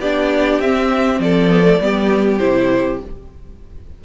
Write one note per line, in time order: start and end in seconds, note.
0.00 0.60 B3
0.00 0.63 D4
0.00 1.21 G4
0.00 0.61 D5
0.60 1.20 C4
0.60 1.50 C4
0.60 1.21 E5
1.20 1.79 F3
1.20 1.83 A4
1.20 2.39 D5
1.50 1.63 B3
1.63 1.78 A3
1.80 2.40 G3
1.80 2.40 B3
1.80 3.05 G4
2.39 3.02 C3
2.39 3.00 E4
2.39 2.99 C5